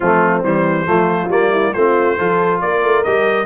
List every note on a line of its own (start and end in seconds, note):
0.00 0.43 F3
0.00 0.44 A3
0.00 0.87 C4
0.00 0.42 F4
0.43 0.86 E3
0.43 0.85 G3
0.43 1.31 C5
0.85 1.28 F3
0.85 1.29 A3
0.85 1.51 F4
1.28 1.71 G3
1.28 1.73 A#3
1.28 1.73 D5
1.51 1.73 E4
1.73 2.18 A3
1.73 2.18 C4
1.73 2.18 F4
1.73 2.60 C5
2.18 2.62 F3
2.18 3.05 F4
2.18 2.61 A4
2.60 2.83 A#3
2.60 3.46 A#4
2.60 3.03 D5
2.83 3.04 A3
3.03 3.46 G3
3.03 3.46 G4
3.03 3.46 D#5